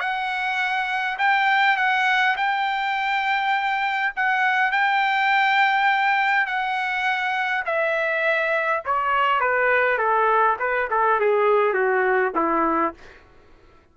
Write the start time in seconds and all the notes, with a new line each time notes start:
0.00 F#5
1.18 G5
1.77 F#5
2.37 G5
4.16 F#5
4.71 G5
6.46 F#5
7.65 E5
8.85 C#5
9.40 B4
9.98 A4
10.59 B4
10.90 A4
11.20 G#4
11.73 F#4
12.35 E4